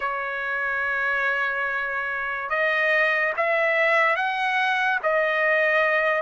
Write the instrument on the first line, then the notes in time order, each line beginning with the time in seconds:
trumpet
0.00 C#5
2.49 D#5
3.36 E5
4.16 F#5
5.02 D#5